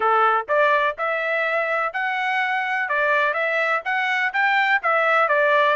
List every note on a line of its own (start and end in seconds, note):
0.00 0.46 A4
0.48 0.96 D5
0.98 1.93 E5
1.93 2.88 F#5
2.88 3.33 D5
3.33 3.81 E5
3.84 4.32 F#5
4.33 4.81 G5
4.82 5.28 E5
5.28 5.76 D5